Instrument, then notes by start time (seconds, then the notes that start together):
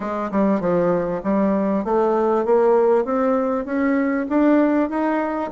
bassoon
0.00 G#3
0.31 G3
0.60 F3
1.23 G3
1.84 A3
2.45 A#3
3.04 C4
3.65 C#4
4.29 D4
4.89 D#4